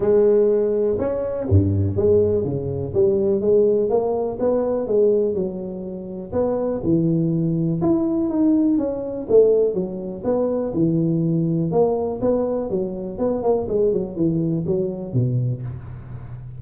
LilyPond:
\new Staff \with { instrumentName = "tuba" } { \time 4/4 \tempo 4 = 123 gis2 cis'4 g,4 | gis4 cis4 g4 gis4 | ais4 b4 gis4 fis4~ | fis4 b4 e2 |
e'4 dis'4 cis'4 a4 | fis4 b4 e2 | ais4 b4 fis4 b8 ais8 | gis8 fis8 e4 fis4 b,4 | }